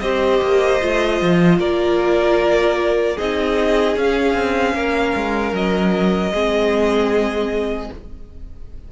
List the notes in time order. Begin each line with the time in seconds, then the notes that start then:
0.00 C4 G4 C5 D#5
0.42 A#3
0.81 A3 F4
1.22 F3
1.59 A#3 A#4 D5
3.16 C4 D#4 G#4 D#5
3.96 C#4 F5
4.34 C4
4.74 A#3 A#4
5.16 G#3
5.53 F#3 D#5
6.31 G#3 C4 G#4